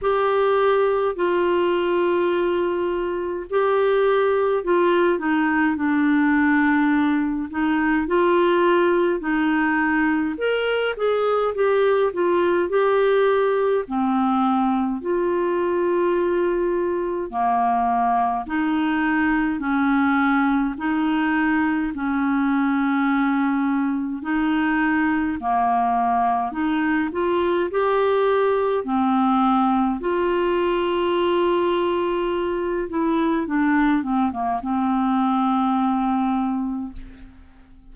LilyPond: \new Staff \with { instrumentName = "clarinet" } { \time 4/4 \tempo 4 = 52 g'4 f'2 g'4 | f'8 dis'8 d'4. dis'8 f'4 | dis'4 ais'8 gis'8 g'8 f'8 g'4 | c'4 f'2 ais4 |
dis'4 cis'4 dis'4 cis'4~ | cis'4 dis'4 ais4 dis'8 f'8 | g'4 c'4 f'2~ | f'8 e'8 d'8 c'16 ais16 c'2 | }